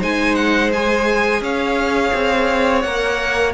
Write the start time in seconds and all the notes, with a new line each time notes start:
0.00 G#3 D#4 C5 G#5
0.35 F#5
0.73 G#4 G#5
1.41 C#4 C#5 F5
2.14 C4
2.82 A#3 A#4 F#5